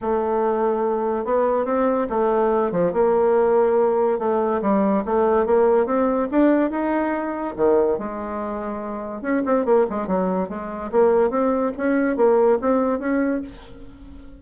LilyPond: \new Staff \with { instrumentName = "bassoon" } { \time 4/4 \tempo 4 = 143 a2. b4 | c'4 a4. f8 ais4~ | ais2 a4 g4 | a4 ais4 c'4 d'4 |
dis'2 dis4 gis4~ | gis2 cis'8 c'8 ais8 gis8 | fis4 gis4 ais4 c'4 | cis'4 ais4 c'4 cis'4 | }